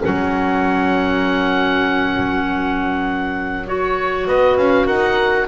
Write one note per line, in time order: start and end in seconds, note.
0.00 4.28 F#3
0.00 3.64 C#4
0.00 4.27 A#4
0.00 3.68 F#5
3.66 5.48 F#4
3.66 4.28 C#5
4.27 4.58 B3
4.27 4.86 B4
4.27 4.57 D#5
4.57 4.87 C#4
4.57 4.87 F5
4.86 5.48 D#4
4.86 5.47 A#4
4.86 5.48 F#5